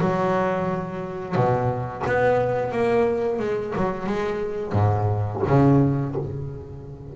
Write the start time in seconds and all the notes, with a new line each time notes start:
0.00 F#3
1.35 B2
2.06 B3
2.71 A#3
3.39 G#3
3.75 F#3
4.06 G#3
4.72 G#2
5.47 C#3